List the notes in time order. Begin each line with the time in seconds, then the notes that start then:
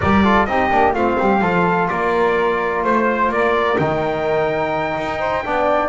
0.00 G3 G4 A#4 D5
0.23 F4 A4
0.45 C4 D#4 G4 D#5
0.70 A#3 D4
0.93 A3 C4 F4 F5
1.18 G3 G4
1.40 F3 F4 A4
1.89 A#3 A#4 D5
2.83 A3 C5
3.28 A#3 A#4 D5
3.78 D#3 D#4 G5
4.97 D#4
5.19 C5
5.44 B3 D4 D5